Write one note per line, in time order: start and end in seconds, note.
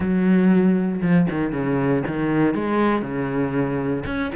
0.00 1.01 F#3
1.01 1.27 F3
1.30 1.52 D#3
1.52 2.03 C#3
2.07 2.54 D#3
2.54 3.02 G#3
3.02 4.03 C#3
4.05 4.31 C#4